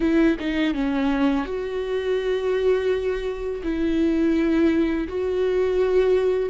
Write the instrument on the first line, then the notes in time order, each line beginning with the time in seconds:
viola
0.00 E4
0.39 D#4
0.74 C#4
1.45 F#4
3.63 E4
5.08 F#4